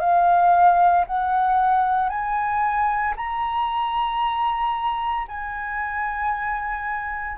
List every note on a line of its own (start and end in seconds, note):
0.00 1.05 F5
1.07 2.09 F#5
2.09 3.14 G#5
3.16 5.27 A#5
5.28 7.37 G#5